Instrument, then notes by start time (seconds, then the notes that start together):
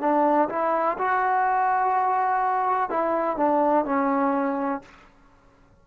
trombone
0.00 D4
0.49 E4
0.98 F#4
2.89 E4
3.37 D4
3.85 C#4